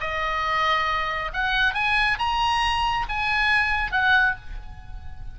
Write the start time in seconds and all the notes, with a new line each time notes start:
0.00 D#5
1.33 F#5
1.74 G#5
2.19 A#5
3.09 G#5
3.91 F#5